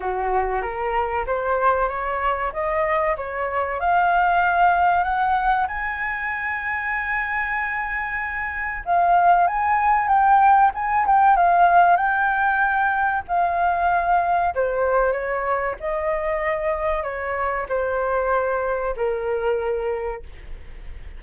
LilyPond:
\new Staff \with { instrumentName = "flute" } { \time 4/4 \tempo 4 = 95 fis'4 ais'4 c''4 cis''4 | dis''4 cis''4 f''2 | fis''4 gis''2.~ | gis''2 f''4 gis''4 |
g''4 gis''8 g''8 f''4 g''4~ | g''4 f''2 c''4 | cis''4 dis''2 cis''4 | c''2 ais'2 | }